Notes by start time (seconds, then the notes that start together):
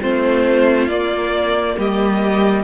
0.00 A3 C4 F4 C5
0.88 A#3 D5
1.78 G3 G4 D#5